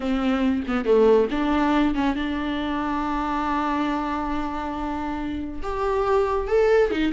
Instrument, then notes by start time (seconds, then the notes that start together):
viola
0.00 C4
0.67 B3
0.85 A3
1.30 D4
1.94 C#4
2.15 D4
5.62 G4
6.47 A4
6.91 D#4